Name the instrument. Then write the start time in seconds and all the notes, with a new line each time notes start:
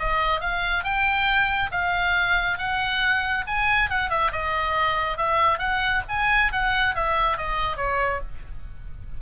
oboe
0.00 D#5
0.41 F5
0.84 G5
1.72 F5
2.59 F#5
3.47 G#5
3.90 F#5
4.10 E5
4.33 D#5
5.18 E5
5.59 F#5
6.09 G#5
6.53 F#5
6.95 E5
7.38 D#5
7.77 C#5